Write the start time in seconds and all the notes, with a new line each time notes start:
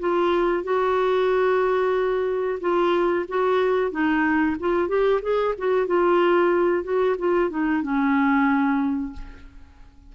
0.00 F4
0.64 F#4
2.61 F4
3.29 F#4
3.91 D#4
4.60 F4
4.89 G4
5.22 G#4
5.58 F#4
5.87 F4
6.84 F#4
7.19 F4
7.51 D#4
7.83 C#4